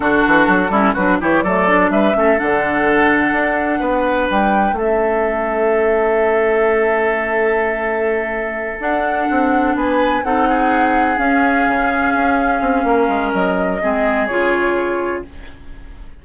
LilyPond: <<
  \new Staff \with { instrumentName = "flute" } { \time 4/4 \tempo 4 = 126 a'2 b'8 cis''8 d''4 | e''4 fis''2.~ | fis''4 g''4 e''2~ | e''1~ |
e''2~ e''8 fis''4.~ | fis''8 gis''4 fis''2 f''8~ | f''1 | dis''2 cis''2 | }
  \new Staff \with { instrumentName = "oboe" } { \time 4/4 fis'4. e'8 fis'8 g'8 a'4 | b'8 a'2.~ a'8 | b'2 a'2~ | a'1~ |
a'1~ | a'8 b'4 a'8 gis'2~ | gis'2. ais'4~ | ais'4 gis'2. | }
  \new Staff \with { instrumentName = "clarinet" } { \time 4/4 d'4. cis'8 d'8 e'8 a8 d'8~ | d'8 cis'8 d'2.~ | d'2 cis'2~ | cis'1~ |
cis'2~ cis'8 d'4.~ | d'4. dis'2 cis'8~ | cis'1~ | cis'4 c'4 f'2 | }
  \new Staff \with { instrumentName = "bassoon" } { \time 4/4 d8 e8 fis8 g8 fis8 e8 fis4 | g8 a8 d2 d'4 | b4 g4 a2~ | a1~ |
a2~ a8 d'4 c'8~ | c'8 b4 c'2 cis'8~ | cis'8 cis4 cis'4 c'8 ais8 gis8 | fis4 gis4 cis2 | }
>>